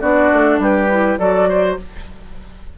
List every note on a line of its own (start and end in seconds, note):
0.00 0.30 B3
0.00 0.88 D4
0.00 0.59 F#4
0.00 0.59 D5
0.32 0.58 A3
0.58 1.17 G3
0.58 1.19 G4
0.58 1.18 B4
0.89 1.18 E4
1.18 1.78 F#3
1.18 1.77 F#4
1.18 1.48 A4
1.18 1.77 D5
1.48 1.78 C5